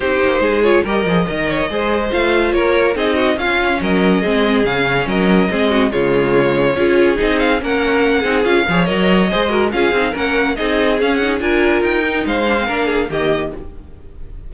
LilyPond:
<<
  \new Staff \with { instrumentName = "violin" } { \time 4/4 \tempo 4 = 142 c''4. cis''8 dis''2~ | dis''4 f''4 cis''4 dis''4 | f''4 dis''2 f''4 | dis''2 cis''2~ |
cis''4 dis''8 f''8 fis''2 | f''4 dis''2 f''4 | fis''4 dis''4 f''8 fis''8 gis''4 | g''4 f''2 dis''4 | }
  \new Staff \with { instrumentName = "violin" } { \time 4/4 g'4 gis'4 ais'4 dis''8 cis''8 | c''2 ais'4 gis'8 fis'8 | f'4 ais'4 gis'2 | ais'4 gis'8 fis'8 f'2 |
gis'2 ais'4. gis'8~ | gis'8 cis''4. c''8 ais'8 gis'4 | ais'4 gis'2 ais'4~ | ais'4 c''4 ais'8 gis'8 g'4 | }
  \new Staff \with { instrumentName = "viola" } { \time 4/4 dis'4. f'8 g'8 gis'8 ais'4 | gis'4 f'2 dis'4 | cis'2 c'4 cis'4~ | cis'4 c'4 gis2 |
f'4 dis'4 cis'4. dis'8 | f'8 gis'8 ais'4 gis'8 fis'8 f'8 dis'8 | cis'4 dis'4 cis'8 dis'8 f'4~ | f'8 dis'4 d'16 c'16 d'4 ais4 | }
  \new Staff \with { instrumentName = "cello" } { \time 4/4 c'8 ais8 gis4 g8 f8 dis4 | gis4 a4 ais4 c'4 | cis'4 fis4 gis4 cis4 | fis4 gis4 cis2 |
cis'4 c'4 ais4. c'8 | cis'8 f8 fis4 gis4 cis'8 c'8 | ais4 c'4 cis'4 d'4 | dis'4 gis4 ais4 dis4 | }
>>